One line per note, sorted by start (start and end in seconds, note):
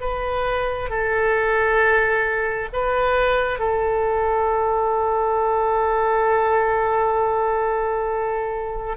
0.00 0.90 B4
0.90 2.69 A4
2.72 3.59 B4
3.59 8.96 A4